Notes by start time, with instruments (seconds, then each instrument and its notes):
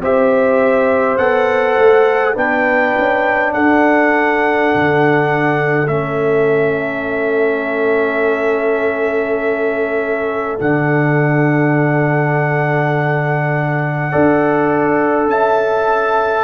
0.00 tuba C4, trombone G4, horn C5, trumpet E5
1.18 tuba B3, trombone A4, trumpet F#5
1.78 tuba A3
2.35 tuba B3, trombone D4, horn B4, trumpet G5
2.99 tuba C#4
3.54 tuba D4, horn A4, trumpet F#5
4.75 tuba D3
5.88 tuba A3, trombone C#4, trumpet E5
10.60 tuba D3, trombone D4, trumpet F#5
14.10 tuba D4, trombone A4, horn D5
15.28 tuba C#4, horn E5, trumpet A5